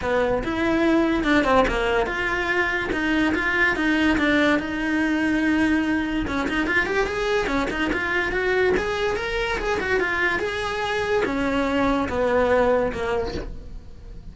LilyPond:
\new Staff \with { instrumentName = "cello" } { \time 4/4 \tempo 4 = 144 b4 e'2 d'8 c'8 | ais4 f'2 dis'4 | f'4 dis'4 d'4 dis'4~ | dis'2. cis'8 dis'8 |
f'8 g'8 gis'4 cis'8 dis'8 f'4 | fis'4 gis'4 ais'4 gis'8 fis'8 | f'4 gis'2 cis'4~ | cis'4 b2 ais4 | }